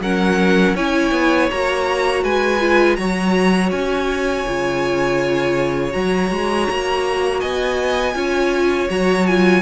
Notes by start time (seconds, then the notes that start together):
0.00 F#3 C#4 A#4 F#5
0.74 C#4 E4 C#5 G#5
1.11 B3
1.50 A#3 F#4 A#5
2.23 G#3 B4 G#5
2.60 F4
2.96 F#3 F#4 C#5 A#5
3.71 C#4 G#5
4.47 C#3 F4
5.91 F#3 F#4 A#5
6.30 G#3
6.70 A#3
7.40 B3 D#5 G#5
8.14 C#4 F4 C#5
8.90 F#3 F#4 A#5
9.26 F4 G#5